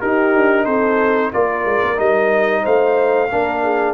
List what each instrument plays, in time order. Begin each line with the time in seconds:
0.00 tuba D#4, trombone D#4, horn G4, trumpet A#4
0.35 tuba D4
0.65 tuba C4, horn A4, trumpet C5
1.33 tuba A#3, trombone F4, horn A#4, trumpet D5
1.65 tuba G#3
1.83 tuba A#3
1.96 tuba G3, trombone D#4, trumpet D#5
2.62 tuba A3, horn C5, trumpet F5
3.31 tuba A#3, trombone D4, horn A#4
3.63 horn G#4